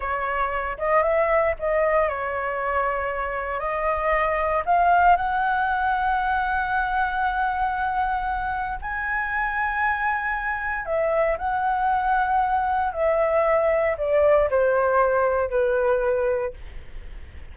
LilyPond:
\new Staff \with { instrumentName = "flute" } { \time 4/4 \tempo 4 = 116 cis''4. dis''8 e''4 dis''4 | cis''2. dis''4~ | dis''4 f''4 fis''2~ | fis''1~ |
fis''4 gis''2.~ | gis''4 e''4 fis''2~ | fis''4 e''2 d''4 | c''2 b'2 | }